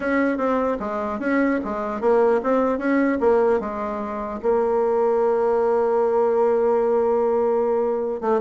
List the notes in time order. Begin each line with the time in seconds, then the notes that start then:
0.00 C#4
0.37 C4
0.79 G#3
1.19 C#4
1.64 G#3
2.00 A#3
2.43 C4
2.78 C#4
3.20 A#3
3.60 G#3
4.42 A#3
8.20 A3